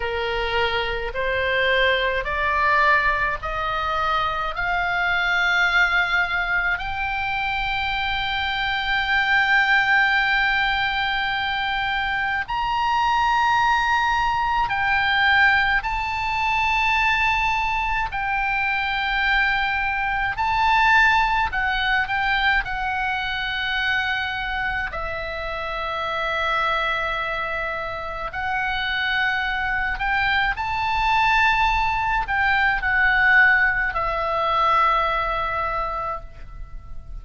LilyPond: \new Staff \with { instrumentName = "oboe" } { \time 4/4 \tempo 4 = 53 ais'4 c''4 d''4 dis''4 | f''2 g''2~ | g''2. ais''4~ | ais''4 g''4 a''2 |
g''2 a''4 fis''8 g''8 | fis''2 e''2~ | e''4 fis''4. g''8 a''4~ | a''8 g''8 fis''4 e''2 | }